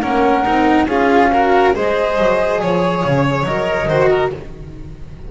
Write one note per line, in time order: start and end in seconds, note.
0.00 0.46 A#3
0.00 0.44 C#4
0.00 0.87 A#4
0.00 0.86 F#5
0.44 0.86 C4
0.44 0.87 D#4
0.86 1.72 C#4
0.86 1.31 F4
0.86 1.31 G#4
0.86 1.74 F5
1.32 1.74 F#4
1.32 1.75 A#4
1.74 2.18 G#3
1.74 3.45 G#4
1.74 2.61 C5
1.74 2.60 D#5
2.18 2.61 F#3
2.60 3.04 F3
2.60 3.44 C#5
2.60 3.88 C#5
3.04 3.43 C#3
3.43 3.86 F#3
3.43 3.88 A#4
3.43 4.30 D#5
3.88 4.31 D#3
3.88 4.31 F#4
3.88 4.09 C5
4.09 4.31 A#4